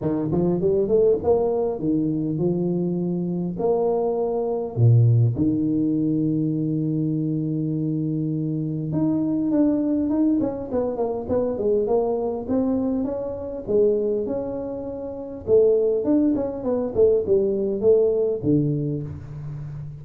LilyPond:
\new Staff \with { instrumentName = "tuba" } { \time 4/4 \tempo 4 = 101 dis8 f8 g8 a8 ais4 dis4 | f2 ais2 | ais,4 dis2.~ | dis2. dis'4 |
d'4 dis'8 cis'8 b8 ais8 b8 gis8 | ais4 c'4 cis'4 gis4 | cis'2 a4 d'8 cis'8 | b8 a8 g4 a4 d4 | }